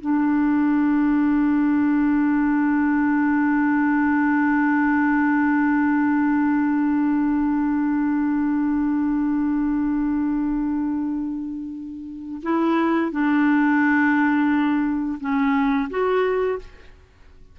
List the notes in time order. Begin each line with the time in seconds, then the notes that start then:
0.00 D4
12.43 E4
13.12 D4
15.20 C#4
15.90 F#4